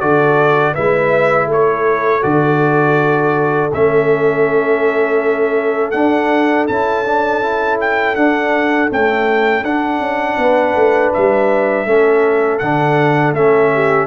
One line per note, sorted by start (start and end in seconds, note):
0.00 0.75 D3
0.00 0.75 F#4
0.00 0.73 A4
0.00 0.74 D5
0.73 1.46 G#3
0.73 2.21 E4
0.73 1.47 B4
0.73 1.48 E5
1.46 2.21 A3
1.46 10.40 A4
1.46 2.23 C#5
2.21 3.72 D3
2.21 3.70 F#4
2.21 3.71 D5
3.72 5.94 A3
3.72 5.94 C#4
3.72 5.91 E5
5.91 6.68 D4
5.91 6.65 F#5
6.67 8.16 C#4
6.67 7.05 E4
6.67 7.78 A5
7.05 7.42 D4
7.42 8.16 E4
7.80 8.15 G5
8.15 8.90 D4
8.15 8.89 F#5
8.90 9.64 A3
8.90 9.63 C#4
8.90 9.64 G5
9.63 9.99 D4
9.63 11.86 D4
9.63 11.12 F#5
9.99 10.36 C#4
10.38 10.75 B3
10.38 11.86 B4
10.75 11.12 A3
11.13 11.85 G3
11.13 12.58 E5
11.85 12.59 A3
11.85 12.60 C#4
11.85 13.71 A4
12.58 13.32 D3
12.58 13.35 D4
12.58 13.33 F#5
13.32 14.06 A3
13.32 14.06 C#4
13.32 14.06 E5
13.74 14.06 G4